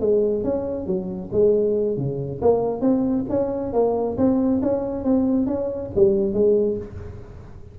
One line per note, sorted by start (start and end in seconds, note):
0.00 0.44 G#3
0.44 0.86 C#4
0.86 1.30 F#3
1.32 1.97 G#3
1.97 2.40 C#3
2.41 2.81 A#3
2.81 3.25 C4
3.29 3.73 C#4
3.73 4.17 A#3
4.17 4.61 C4
4.62 5.04 C#4
5.04 5.46 C4
5.46 5.90 C#4
5.95 6.33 G3
6.33 6.77 G#3